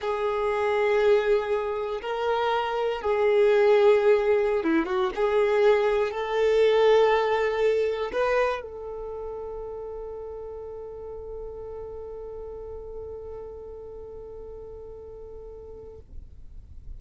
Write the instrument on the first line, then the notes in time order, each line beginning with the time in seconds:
violin
0.01 G#4
2.01 A#4
3.01 G#4
4.63 E4
4.85 F#4
5.15 G#4
6.11 A4
8.12 B4
8.61 A4